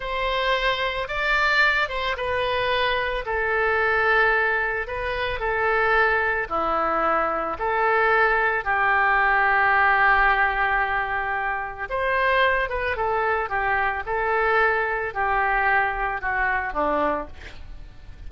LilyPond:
\new Staff \with { instrumentName = "oboe" } { \time 4/4 \tempo 4 = 111 c''2 d''4. c''8 | b'2 a'2~ | a'4 b'4 a'2 | e'2 a'2 |
g'1~ | g'2 c''4. b'8 | a'4 g'4 a'2 | g'2 fis'4 d'4 | }